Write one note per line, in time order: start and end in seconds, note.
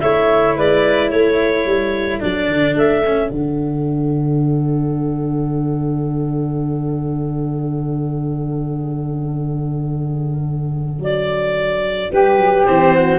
0.00 0.57 A3
0.00 2.20 E4
0.00 0.57 C#5
0.00 0.55 E5
0.57 1.12 G#3
0.57 1.10 B4
0.57 1.10 D5
1.10 1.65 A3
1.10 12.11 A4
1.10 2.20 C#5
1.65 2.20 G3
2.20 2.48 F#3
2.20 3.03 D4
2.20 2.76 D5
2.48 2.75 D3
2.75 3.30 A3
2.75 3.30 E5
3.06 3.29 C#4
3.29 10.99 D3
3.29 12.65 D4
3.29 11.01 F#5
10.99 12.09 F#3
10.99 12.12 D5
12.12 12.38 G3
12.12 12.96 G4
12.12 12.66 B4
12.38 12.65 F#3
12.66 13.19 E3
12.66 13.19 C4
12.66 13.19 C5
12.96 13.19 F#4